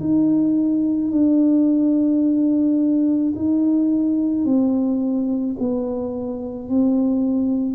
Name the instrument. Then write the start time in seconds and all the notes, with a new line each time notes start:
tuba
0.00 D#4
1.11 D4
3.35 D#4
4.45 C4
5.59 B3
6.69 C4